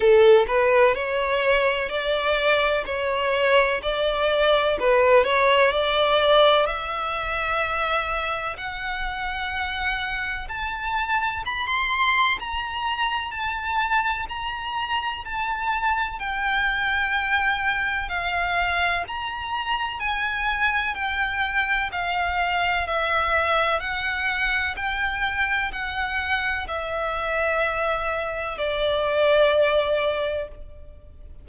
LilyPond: \new Staff \with { instrumentName = "violin" } { \time 4/4 \tempo 4 = 63 a'8 b'8 cis''4 d''4 cis''4 | d''4 b'8 cis''8 d''4 e''4~ | e''4 fis''2 a''4 | b''16 c'''8. ais''4 a''4 ais''4 |
a''4 g''2 f''4 | ais''4 gis''4 g''4 f''4 | e''4 fis''4 g''4 fis''4 | e''2 d''2 | }